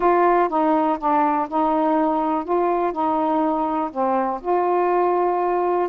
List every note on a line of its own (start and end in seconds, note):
0.00 0.49 F4
0.49 0.98 D#4
0.98 1.48 D4
1.48 2.44 D#4
2.44 2.92 F4
2.92 3.90 D#4
3.91 4.40 C4
4.42 5.89 F4